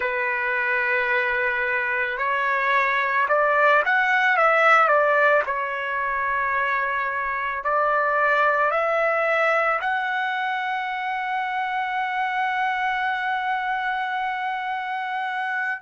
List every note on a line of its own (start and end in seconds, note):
0.00 2.17 B4
2.17 3.26 C#5
3.28 3.82 D5
3.85 4.36 F#5
4.36 4.87 E5
4.87 5.42 D5
5.45 7.64 C#5
7.64 8.70 D5
8.70 9.79 E5
9.80 15.80 F#5